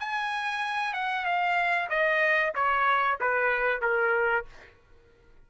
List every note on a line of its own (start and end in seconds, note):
0.00 0.93 G#5
0.93 1.25 F#5
1.25 1.89 F5
1.89 2.53 D#5
2.55 3.19 C#5
3.21 3.82 B4
3.82 4.45 A#4